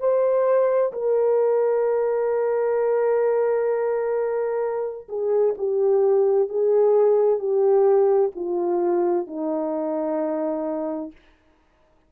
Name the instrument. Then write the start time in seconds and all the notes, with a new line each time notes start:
horn
0.00 C5
0.93 A#4
5.09 G#4
5.58 G4
6.49 G#4
7.39 G4
8.35 F4
9.27 D#4